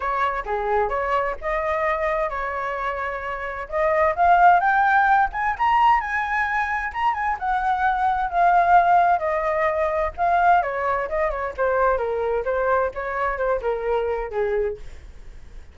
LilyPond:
\new Staff \with { instrumentName = "flute" } { \time 4/4 \tempo 4 = 130 cis''4 gis'4 cis''4 dis''4~ | dis''4 cis''2. | dis''4 f''4 g''4. gis''8 | ais''4 gis''2 ais''8 gis''8 |
fis''2 f''2 | dis''2 f''4 cis''4 | dis''8 cis''8 c''4 ais'4 c''4 | cis''4 c''8 ais'4. gis'4 | }